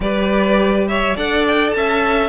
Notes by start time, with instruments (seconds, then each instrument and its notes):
0.00 cello G3, viola G4, violin B4 D5
0.88 violin C#5 E5
1.16 cello D4, viola A4, violin D5 F#5
1.46 violin G5
1.70 cello C#4, violin A5
1.76 violin E5